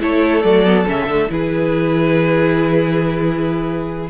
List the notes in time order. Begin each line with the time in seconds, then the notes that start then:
0.00 A3 E4 A4 C#5
0.42 F#3 A3 D5
0.65 B3
0.87 C#3 C#4 E5
1.07 D3 A3
1.29 E3 E4 G#4 B4